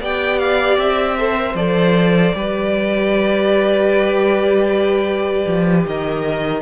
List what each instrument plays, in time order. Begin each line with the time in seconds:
0.00 cello B3, viola G4, violin D5 G5
0.39 violin F5
0.77 cello C4, violin E5
1.18 viola A4, violin C5
1.36 viola A#4
1.55 cello F3, viola A4, violin D5
2.34 cello G3, viola G4, violin B4
5.47 cello F3
5.87 cello D#3, violin A#4 D#5